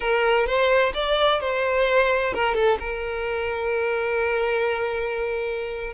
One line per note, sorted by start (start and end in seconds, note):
0.00 0.46 A#4
0.46 0.92 C5
0.94 1.40 D5
1.40 2.33 C5
2.33 2.54 A#4
2.54 2.77 A4
2.79 5.93 A#4